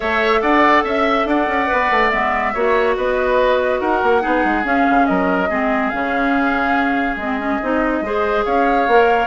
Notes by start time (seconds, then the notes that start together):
0.00 A3 A4 C#5 E5
0.41 D4 D5 F#5
0.84 C#4 E5
1.25 D4 D5 F#5
1.47 C#4
1.67 B3 B4
1.90 A3
2.10 G#3 B3 E5
2.53 A#3 F#4 C#5
2.96 B3 B4 D#5
3.80 D#4 A#4 F#5
4.02 A#3
4.21 B3 D#4 G#4
4.44 G#3
4.63 C#4 F5
4.89 C#3
5.06 F#3 A#4 D#5
5.49 G#3 C4 G#4
5.89 C#3 C#4 F5
7.15 G#3 C4 D#5
7.39 C#4
7.62 C4 D#4
8.01 G#3 G#4 C5
8.44 C#4 C#5 F5
8.87 A#3 A#4